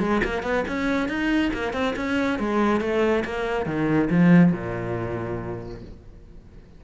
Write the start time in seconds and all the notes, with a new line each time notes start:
0.00 G#3
0.24 A#3
0.43 B3
0.68 C#4
1.09 D#4
1.54 A#3
1.73 C4
1.96 C#4
2.39 G#3
2.81 A3
3.25 A#3
3.66 D#3
4.10 F3
4.52 A#2